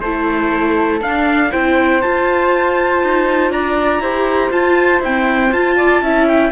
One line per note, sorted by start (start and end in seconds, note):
0.00 1.01 A3
0.00 1.01 E4
0.00 1.51 A4
0.00 1.00 C5
1.01 1.51 D4
1.01 1.52 F5
1.51 2.04 C4
1.51 2.02 E4
1.51 3.51 C5
1.51 2.01 G5
2.01 4.02 F4
2.01 3.03 F4
2.01 3.51 A5
3.03 3.50 D#4
3.50 3.99 D4
3.50 4.01 D5
3.50 4.51 A#5
3.99 4.49 E4
3.99 4.52 G4
3.99 5.76 C5
4.51 5.00 F4
4.51 5.02 F4
4.51 5.02 A5
5.00 5.54 C4
5.00 5.50 E4
5.00 5.52 G5
5.51 6.01 F4
5.51 6.04 F4
5.51 6.27 A5
5.76 6.01 D5
6.01 6.51 C#4
6.01 6.52 E4
6.01 6.52 E5
6.28 6.52 G5